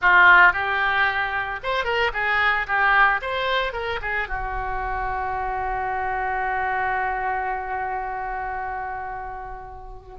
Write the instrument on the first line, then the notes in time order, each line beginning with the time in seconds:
oboe
0.01 F4
0.53 G4
1.63 C5
1.84 A#4
2.13 G#4
2.67 G4
3.21 C5
3.73 A#4
4.01 G#4
4.28 F#4